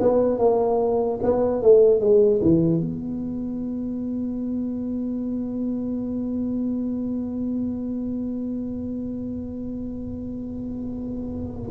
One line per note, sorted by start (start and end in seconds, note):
0.00 0.39 B3
0.39 1.20 A#3
1.23 1.62 B3
1.62 2.00 A3
2.00 2.41 G#3
2.42 2.81 E3
2.81 11.72 B3